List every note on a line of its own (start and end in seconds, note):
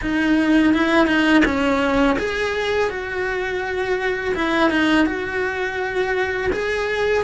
0.01 0.73 D#4
0.73 1.06 E4
1.06 1.43 D#4
1.45 2.17 C#4
2.18 2.89 G#4
2.89 4.34 F#4
4.34 4.70 E4
4.70 5.06 D#4
5.06 6.50 F#4
6.52 7.23 G#4